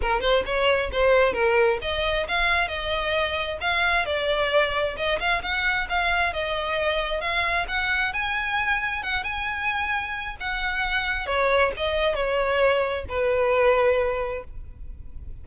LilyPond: \new Staff \with { instrumentName = "violin" } { \time 4/4 \tempo 4 = 133 ais'8 c''8 cis''4 c''4 ais'4 | dis''4 f''4 dis''2 | f''4 d''2 dis''8 f''8 | fis''4 f''4 dis''2 |
f''4 fis''4 gis''2 | fis''8 gis''2~ gis''8 fis''4~ | fis''4 cis''4 dis''4 cis''4~ | cis''4 b'2. | }